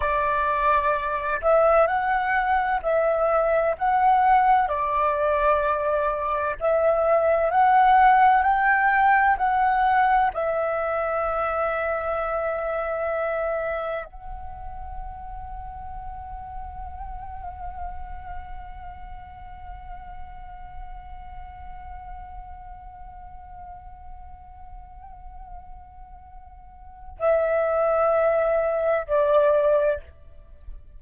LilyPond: \new Staff \with { instrumentName = "flute" } { \time 4/4 \tempo 4 = 64 d''4. e''8 fis''4 e''4 | fis''4 d''2 e''4 | fis''4 g''4 fis''4 e''4~ | e''2. fis''4~ |
fis''1~ | fis''1~ | fis''1~ | fis''4 e''2 d''4 | }